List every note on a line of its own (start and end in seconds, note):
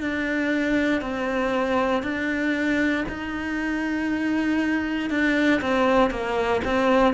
0.00 1.01 D4
1.01 2.02 C4
2.02 3.04 D4
3.08 5.10 D#4
5.10 5.61 D4
5.61 6.10 C4
6.10 6.61 A#3
6.64 7.14 C4